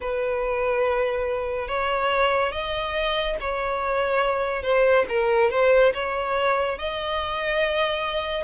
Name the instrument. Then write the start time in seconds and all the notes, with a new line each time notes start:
violin
0.00 B4
1.68 C#5
2.52 D#5
3.40 C#5
4.62 C5
5.09 A#4
5.50 C5
5.94 C#5
6.78 D#5